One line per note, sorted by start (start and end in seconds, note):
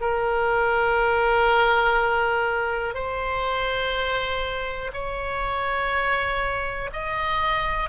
0.00 2.95 A#4
2.95 4.91 C5
4.93 6.90 C#5
6.93 7.89 D#5